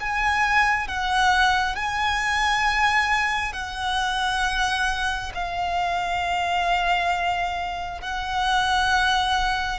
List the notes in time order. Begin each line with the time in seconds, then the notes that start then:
0.00 G#5
0.88 F#5
1.75 G#5
3.53 F#5
5.34 F5
8.01 F#5